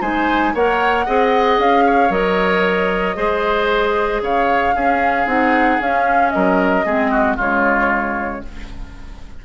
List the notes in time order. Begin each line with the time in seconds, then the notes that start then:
0.00 G#3 D#4 C5 G#5
0.53 A#3 A#4 C#5 F#5
1.05 C4 G#4 D#5
1.58 C#4 F5
1.86 C#5
2.10 F#3 A#4 D#5
3.15 G#3 G#4 C5
4.21 C#3 C#5 F5
4.75 C#4 G#4
5.26 C4 D#4 F#5
5.80 C#4 F5
6.29 F#3 A#4 D#5
6.84 G#3 C4 G#4
7.11 F#4
7.36 C#3 G#3 F4 C#5